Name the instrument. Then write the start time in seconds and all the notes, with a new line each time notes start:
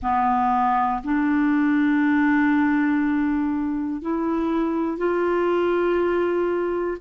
clarinet
0.02 B3
1.03 D4
4.01 E4
4.97 F4